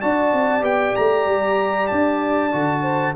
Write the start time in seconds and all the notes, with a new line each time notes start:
0.00 D4 F#4 D5 A5
0.33 C4
0.61 B3 G4 G5
0.96 A3 A#5
1.26 G3
1.87 D4 A5
2.51 D3 F#4
2.82 C5